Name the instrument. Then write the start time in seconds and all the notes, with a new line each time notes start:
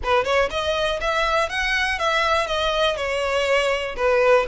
violin
0.03 B4
0.24 C#5
0.50 D#5
1.00 E5
1.49 F#5
1.98 E5
2.47 D#5
2.96 C#5
3.96 B4